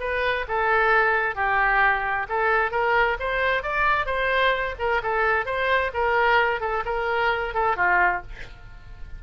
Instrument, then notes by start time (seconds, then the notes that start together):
oboe
0.00 B4
0.48 A4
1.35 G4
2.29 A4
2.71 A#4
3.20 C5
3.63 D5
4.06 C5
4.79 A#4
5.03 A4
5.45 C5
5.94 A#4
6.61 A4
6.85 A#4
7.54 A4
7.76 F4